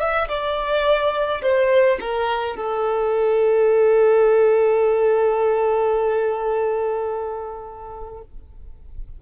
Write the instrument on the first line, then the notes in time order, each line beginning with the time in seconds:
violin
0.00 E5
0.29 D5
1.42 C5
2.01 A#4
2.56 A4